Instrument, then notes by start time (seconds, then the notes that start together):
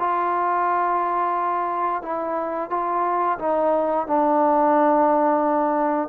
trombone
0.00 F4
2.03 E4
2.71 F4
3.39 D#4
4.08 D4